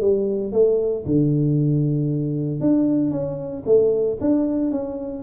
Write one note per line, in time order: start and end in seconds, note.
0.00 0.52 G3
0.52 1.04 A3
1.05 2.60 D3
2.60 3.11 D4
3.11 3.63 C#4
3.65 4.17 A3
4.20 4.71 D4
4.71 5.22 C#4